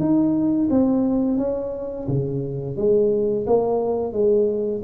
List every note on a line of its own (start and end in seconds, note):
0.00 0.69 D#4
0.71 1.38 C4
1.38 2.07 C#4
2.08 2.77 C#3
2.77 3.46 G#3
3.47 4.13 A#3
4.13 4.82 G#3